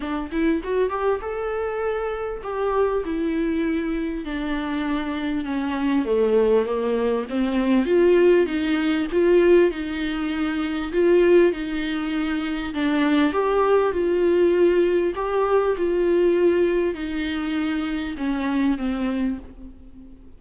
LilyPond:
\new Staff \with { instrumentName = "viola" } { \time 4/4 \tempo 4 = 99 d'8 e'8 fis'8 g'8 a'2 | g'4 e'2 d'4~ | d'4 cis'4 a4 ais4 | c'4 f'4 dis'4 f'4 |
dis'2 f'4 dis'4~ | dis'4 d'4 g'4 f'4~ | f'4 g'4 f'2 | dis'2 cis'4 c'4 | }